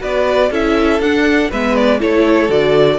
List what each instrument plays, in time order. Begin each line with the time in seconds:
0.00 cello B3, viola F#4, violin B4 D5
0.51 cello C#4, viola E4, violin A4 E5
1.00 cello D4, viola D4, violin F#5
1.51 cello G#3, viola B3, violin B4 E5
1.76 violin D5
2.00 cello A3, viola E4, violin A4 C#5
2.49 cello D3, viola F#4, violin D5